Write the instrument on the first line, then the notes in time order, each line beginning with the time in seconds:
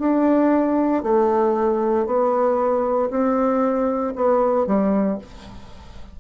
bassoon
0.00 D4
1.03 A3
2.06 B3
3.11 C4
4.16 B3
4.67 G3